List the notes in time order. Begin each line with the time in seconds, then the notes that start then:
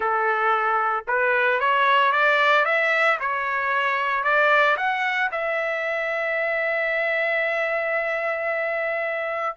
0.00 A4
1.07 B4
1.60 C#5
2.12 D5
2.65 E5
3.20 C#5
4.23 D5
4.76 F#5
5.31 E5